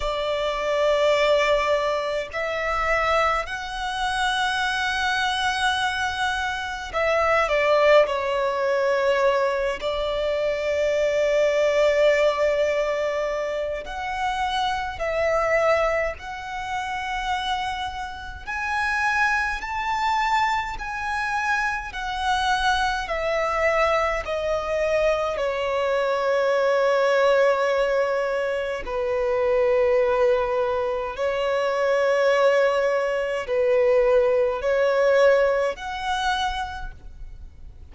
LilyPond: \new Staff \with { instrumentName = "violin" } { \time 4/4 \tempo 4 = 52 d''2 e''4 fis''4~ | fis''2 e''8 d''8 cis''4~ | cis''8 d''2.~ d''8 | fis''4 e''4 fis''2 |
gis''4 a''4 gis''4 fis''4 | e''4 dis''4 cis''2~ | cis''4 b'2 cis''4~ | cis''4 b'4 cis''4 fis''4 | }